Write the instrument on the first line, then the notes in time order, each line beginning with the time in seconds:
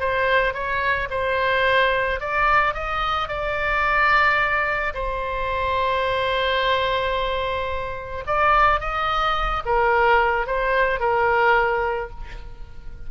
oboe
0.00 C5
0.54 C#5
1.10 C5
2.20 D5
2.74 D#5
3.29 D5
4.94 C5
8.27 D5
8.80 D#5
9.66 A#4
10.47 C5
11.00 A#4